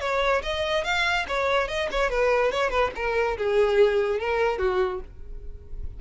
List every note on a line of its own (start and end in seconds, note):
0.00 0.42 C#5
0.42 0.84 D#5
0.84 1.25 F5
1.28 1.68 C#5
1.68 1.88 D#5
1.91 2.10 C#5
2.10 2.51 B4
2.51 2.70 C#5
2.70 2.91 B4
2.95 3.37 A#4
3.37 4.19 G#4
4.19 4.58 A#4
4.58 5.00 F#4